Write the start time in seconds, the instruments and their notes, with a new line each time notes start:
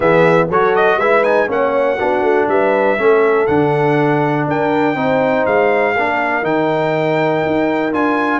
0.00 tuba E3, trombone B3, horn G#4, trumpet E5
0.49 tuba F#3, trombone F#4, horn A4, trumpet C#5
0.75 trumpet D#5
0.96 tuba G#3, trombone E4, horn B4, trumpet E5
1.23 trombone D#4, trumpet G#5
1.48 tuba A#3, trombone C#4, horn C#5, trumpet F#5
1.96 tuba B3, trombone D4, horn F#4
2.22 tuba A3
2.48 tuba G3, horn B4, trumpet E5
2.97 tuba A3, trombone C#4, horn A4
3.46 tuba D3, trombone D4, trumpet F#5
4.47 tuba D4, horn A#4, trumpet G5
4.95 tuba C4, trombone D#4, horn C5
5.46 tuba G#3, trumpet F5
5.96 tuba A#3, trombone D4, horn A#4
6.42 tuba D#3, trombone D#4, trumpet G5
7.46 tuba D#4
7.91 tuba D4, trombone F4, trumpet G#5